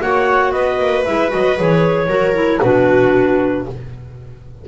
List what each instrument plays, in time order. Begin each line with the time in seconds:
0.00 double bass A#3, clarinet F#4 F#5, viola C#5
0.52 double bass B3, viola B4, clarinet D#5
0.79 double bass A#3
1.04 double bass G#3, clarinet E4 E5
1.29 double bass F#3, clarinet F#4 D#5
1.56 double bass E3, clarinet G#4 C#5
2.08 double bass F#3, clarinet F#4, viola A#4
2.34 clarinet E4
2.61 double bass B2, clarinet D4 B4, viola F#4